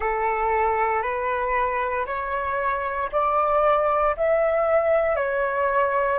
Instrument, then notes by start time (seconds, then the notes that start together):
flute
0.00 A4
1.02 B4
2.06 C#5
3.12 D5
4.17 E5
5.15 C#5